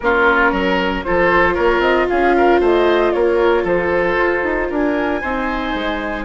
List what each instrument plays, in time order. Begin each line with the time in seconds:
0.00 bassoon A#3, viola C#4, oboe F4, flute A#4
0.52 bassoon F#3, oboe A#4
1.03 bassoon F3, viola F4, oboe A4, flute C5
1.54 bassoon A#3, oboe A#4, flute C#5
1.79 bassoon C4, flute D#5
2.07 bassoon C#4, oboe G#4, flute F5
2.37 oboe A#4
2.60 bassoon A3, oboe C5, flute D#5
3.12 bassoon A#3, oboe A#4, flute C#5
3.63 bassoon F3, oboe A4, flute C5
4.17 bassoon F4
4.43 bassoon D#4
4.69 bassoon D4, oboe A#4, flute G#5
5.21 bassoon C4, viola D#4, oboe C5
5.74 bassoon G#3